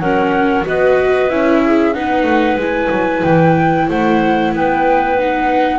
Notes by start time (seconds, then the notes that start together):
0.00 F#3 C#4 A#4 F#5
0.65 B3 F#4 B4 D#5
1.29 C#4 E4 E5
1.65 G#4
1.93 B3 D#4 B4 F#5
2.23 A3
2.56 G#3 E4 G#5
2.91 F#3
3.24 E3 G5
3.89 A3 C5 F#5
4.53 B3 B4 G5
5.19 D#4 F#5